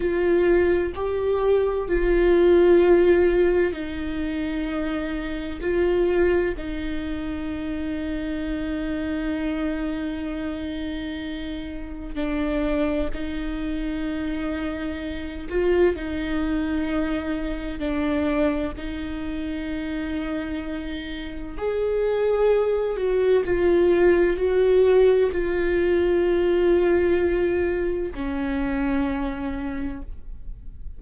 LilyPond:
\new Staff \with { instrumentName = "viola" } { \time 4/4 \tempo 4 = 64 f'4 g'4 f'2 | dis'2 f'4 dis'4~ | dis'1~ | dis'4 d'4 dis'2~ |
dis'8 f'8 dis'2 d'4 | dis'2. gis'4~ | gis'8 fis'8 f'4 fis'4 f'4~ | f'2 cis'2 | }